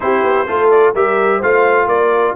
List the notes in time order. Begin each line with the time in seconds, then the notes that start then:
0.00 C4 E4 G4 C5
0.23 B3
0.46 A3 F4 A4
0.70 D5
0.94 G3 G4 A#4 E5
1.37 A3 F4 C5 F5
1.86 A#3 A#4 D5